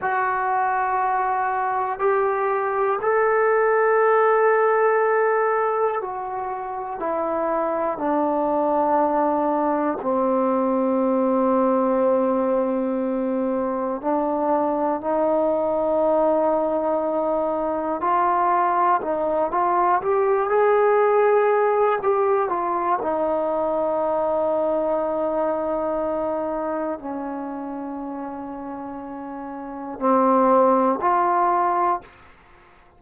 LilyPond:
\new Staff \with { instrumentName = "trombone" } { \time 4/4 \tempo 4 = 60 fis'2 g'4 a'4~ | a'2 fis'4 e'4 | d'2 c'2~ | c'2 d'4 dis'4~ |
dis'2 f'4 dis'8 f'8 | g'8 gis'4. g'8 f'8 dis'4~ | dis'2. cis'4~ | cis'2 c'4 f'4 | }